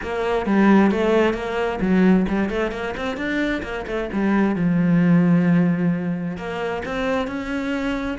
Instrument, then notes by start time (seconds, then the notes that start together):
cello
0.02 A#3
0.45 G3
0.91 A3
1.33 A#3
1.80 F#3
2.28 G3
2.49 A3
2.71 A#3
2.96 C4
3.16 D4
3.62 A#3
3.87 A3
4.12 G3
4.55 F3
6.37 A#3
6.85 C4
7.27 C#4